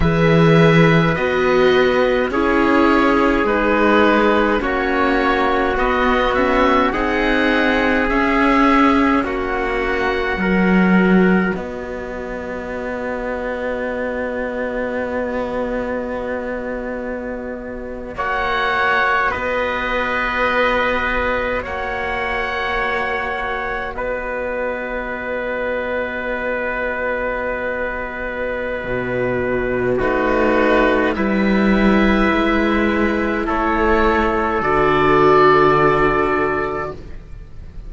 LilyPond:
<<
  \new Staff \with { instrumentName = "oboe" } { \time 4/4 \tempo 4 = 52 e''4 dis''4 cis''4 b'4 | cis''4 dis''8 e''8 fis''4 e''4 | fis''2 dis''2~ | dis''2.~ dis''8. fis''16~ |
fis''8. dis''2 fis''4~ fis''16~ | fis''8. dis''2.~ dis''16~ | dis''2 b'4 e''4~ | e''4 cis''4 d''2 | }
  \new Staff \with { instrumentName = "trumpet" } { \time 4/4 b'2 gis'2 | fis'2 gis'2 | fis'4 ais'4 b'2~ | b'2.~ b'8. cis''16~ |
cis''8. b'2 cis''4~ cis''16~ | cis''8. b'2.~ b'16~ | b'2 fis'4 b'4~ | b'4 a'2. | }
  \new Staff \with { instrumentName = "viola" } { \time 4/4 gis'4 fis'4 e'4 dis'4 | cis'4 b8 cis'8 dis'4 cis'4~ | cis'4 fis'2.~ | fis'1~ |
fis'1~ | fis'1~ | fis'2 dis'4 e'4~ | e'2 fis'2 | }
  \new Staff \with { instrumentName = "cello" } { \time 4/4 e4 b4 cis'4 gis4 | ais4 b4 c'4 cis'4 | ais4 fis4 b2~ | b2.~ b8. ais16~ |
ais8. b2 ais4~ ais16~ | ais8. b2.~ b16~ | b4 b,4 a4 g4 | gis4 a4 d2 | }
>>